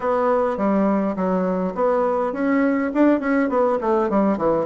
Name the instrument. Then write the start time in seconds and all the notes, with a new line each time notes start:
bassoon
0.00 B3
0.57 G3
1.15 F#3
1.74 B3
2.32 C#4
2.93 D4
3.20 C#4
3.49 B3
3.80 A3
4.09 G3
4.37 E3